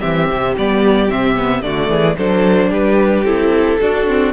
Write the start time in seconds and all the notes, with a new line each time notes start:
0.00 E3 C4 G4 E5
0.30 C3
0.57 G3 B3 D5
1.10 C3 C4 E5
1.36 B3
1.62 D3 A3 F#4 D5
1.89 E3 G#4
2.18 F#3 D4 A4 C5
2.70 G3 G4 B4
3.24 C4 E4 A4
3.81 D4 F#4
4.07 C4